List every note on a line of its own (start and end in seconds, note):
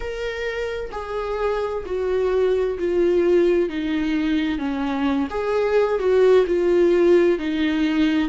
0.00 0.90 A#4
0.91 1.84 G#4
1.85 2.78 F#4
2.78 3.69 F4
3.69 4.58 D#4
4.58 5.27 C#4
5.30 5.99 G#4
5.99 6.45 F#4
6.46 7.38 F4
7.38 8.28 D#4